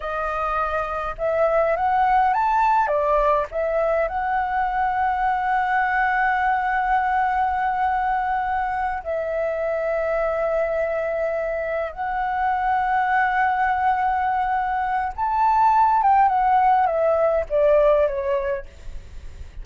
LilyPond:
\new Staff \with { instrumentName = "flute" } { \time 4/4 \tempo 4 = 103 dis''2 e''4 fis''4 | a''4 d''4 e''4 fis''4~ | fis''1~ | fis''2.~ fis''8 e''8~ |
e''1~ | e''8 fis''2.~ fis''8~ | fis''2 a''4. g''8 | fis''4 e''4 d''4 cis''4 | }